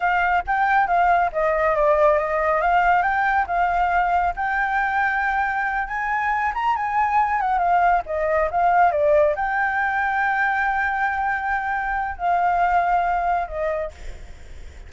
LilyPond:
\new Staff \with { instrumentName = "flute" } { \time 4/4 \tempo 4 = 138 f''4 g''4 f''4 dis''4 | d''4 dis''4 f''4 g''4 | f''2 g''2~ | g''4. gis''4. ais''8 gis''8~ |
gis''4 fis''8 f''4 dis''4 f''8~ | f''8 d''4 g''2~ g''8~ | g''1 | f''2. dis''4 | }